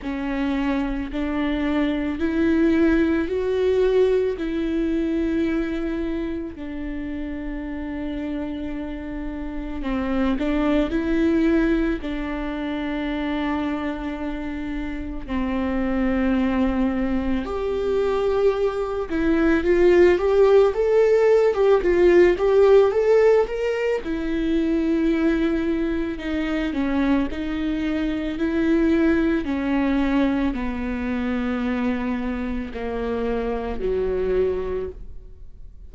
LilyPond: \new Staff \with { instrumentName = "viola" } { \time 4/4 \tempo 4 = 55 cis'4 d'4 e'4 fis'4 | e'2 d'2~ | d'4 c'8 d'8 e'4 d'4~ | d'2 c'2 |
g'4. e'8 f'8 g'8 a'8. g'16 | f'8 g'8 a'8 ais'8 e'2 | dis'8 cis'8 dis'4 e'4 cis'4 | b2 ais4 fis4 | }